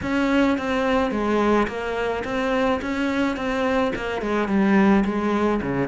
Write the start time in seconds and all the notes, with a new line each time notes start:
0.02 C#4
0.58 C4
1.11 G#3
1.67 A#3
2.24 C4
2.81 C#4
3.36 C4
3.95 A#3
4.21 G#3
4.48 G3
5.04 G#3
5.61 C#3